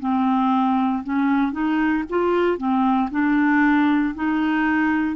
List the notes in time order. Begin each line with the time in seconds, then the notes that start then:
0.00 C4
1.03 C#4
1.52 D#4
2.10 F4
2.58 C4
3.11 D4
4.15 D#4